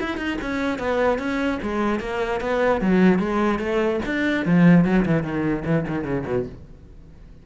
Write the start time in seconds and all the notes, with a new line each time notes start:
0.00 E4
0.17 D#4
0.41 C#4
0.78 B3
1.18 C#4
1.62 G#3
2.00 A#3
2.40 B3
2.81 F#3
3.19 G#3
3.59 A3
4.05 D4
4.46 F3
4.84 F#3
5.05 E3
5.23 D#3
5.65 E3
5.88 D#3
6.04 C#3
6.26 B2